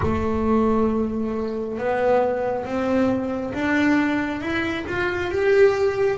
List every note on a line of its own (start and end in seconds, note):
0.02 1.78 A3
1.78 2.65 B3
2.65 3.53 C4
3.53 4.41 D4
4.41 4.85 E4
4.86 5.31 F4
5.31 6.18 G4